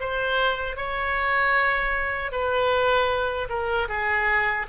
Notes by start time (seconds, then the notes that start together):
0.00 C5
0.77 C#5
2.32 B4
3.49 A#4
3.89 G#4